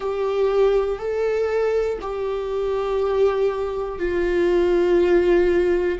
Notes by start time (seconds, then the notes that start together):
0.00 G4
0.99 A4
2.01 G4
3.98 F4